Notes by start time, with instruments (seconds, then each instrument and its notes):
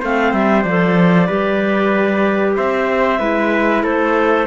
0.00 cello A3, clarinet C4 F5, trumpet C5
0.33 cello G3, clarinet E5
0.62 cello F3, clarinet D5
0.68 clarinet A4
1.27 cello G3, clarinet G4, trumpet B4
2.55 cello C4, trumpet C5, clarinet E5
3.19 cello G#3, clarinet E4, trumpet B4
3.83 cello A3, trumpet A4, clarinet C5